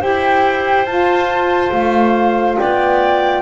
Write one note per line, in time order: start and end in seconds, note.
0.00 0.86 E4
0.00 0.86 G4
0.00 2.58 C5
0.00 0.86 G5
0.86 1.72 F4
0.86 3.42 F4
0.86 1.72 A5
1.72 2.58 A3
1.72 2.58 F5
2.58 3.42 B3
2.58 3.42 D5
2.58 3.42 G5